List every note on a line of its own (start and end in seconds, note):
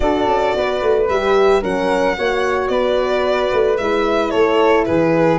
0.00 0.26 D4
0.00 1.06 F#4
0.00 0.56 A4
0.00 1.07 D5
0.26 0.53 C#4
0.56 0.82 B3
0.56 1.61 B4
0.82 1.08 A3
1.08 1.62 G3
1.08 1.62 G4
1.08 1.63 E5
1.61 2.18 F#3
1.61 2.16 C#4
1.61 2.15 A#4
1.61 2.68 F#5
2.16 2.68 A#3
2.16 3.79 F#4
2.16 2.71 C#5
2.68 3.50 B3
2.68 4.31 B4
2.68 3.76 D5
3.52 3.78 A3
3.77 4.33 G#3
3.77 5.39 E4
3.77 4.30 E5
4.30 4.87 A3
4.30 4.85 A4
4.30 4.84 C#5
4.85 5.39 E3
4.85 5.39 G#4
4.85 5.39 B4